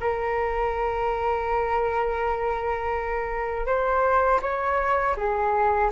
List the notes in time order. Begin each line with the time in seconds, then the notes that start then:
0.00 A#4
3.66 C5
4.41 C#5
5.16 G#4